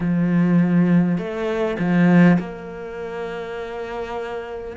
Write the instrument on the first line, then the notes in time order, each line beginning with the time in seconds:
cello
0.00 F3
1.17 A3
1.78 F3
2.39 A#3